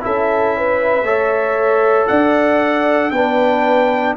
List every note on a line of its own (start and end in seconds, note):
0.00 1.02 C#4
0.00 1.03 E4
0.00 0.56 A4
0.00 2.07 E5
0.57 1.05 B4
1.02 2.05 A3
1.02 3.12 A4
1.02 2.08 C#5
2.07 3.11 D4
2.07 3.13 D5
2.07 3.11 F#5
3.11 4.14 B3
3.11 4.17 D4
3.11 4.17 B4
3.11 4.14 G5